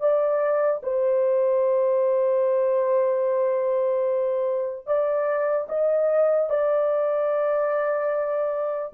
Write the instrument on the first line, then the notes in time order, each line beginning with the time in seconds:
horn
0.00 D5
0.83 C5
4.86 D5
5.69 D#5
6.49 D5